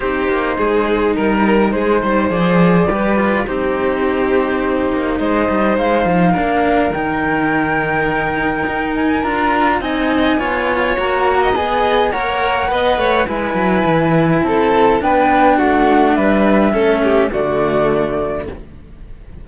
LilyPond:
<<
  \new Staff \with { instrumentName = "flute" } { \time 4/4 \tempo 4 = 104 c''2 ais'4 c''4 | d''2 c''2~ | c''4 dis''4 f''2 | g''2.~ g''8 gis''8 |
ais''4 gis''2 ais''4 | gis''4 fis''2 gis''4~ | gis''4 a''4 g''4 fis''4 | e''2 d''2 | }
  \new Staff \with { instrumentName = "violin" } { \time 4/4 g'4 gis'4 ais'4 gis'8 c''8~ | c''4 b'4 g'2~ | g'4 c''2 ais'4~ | ais'1~ |
ais'4 dis''4 cis''4.~ cis''16 dis''16~ | dis''4 cis''4 dis''8 cis''8 b'4~ | b'4 a'4 b'4 fis'4 | b'4 a'8 g'8 fis'2 | }
  \new Staff \with { instrumentName = "cello" } { \time 4/4 dis'1 | gis'4 g'8 f'8 dis'2~ | dis'2. d'4 | dis'1 |
f'4 dis'4 f'4 fis'4 | gis'4 ais'4 b'4 e'4~ | e'2 d'2~ | d'4 cis'4 a2 | }
  \new Staff \with { instrumentName = "cello" } { \time 4/4 c'8 ais8 gis4 g4 gis8 g8 | f4 g4 c'2~ | c'8 ais8 gis8 g8 gis8 f8 ais4 | dis2. dis'4 |
d'4 c'4 b4 ais4 | b4 ais4 b8 a8 gis8 fis8 | e4 c'4 b4 a4 | g4 a4 d2 | }
>>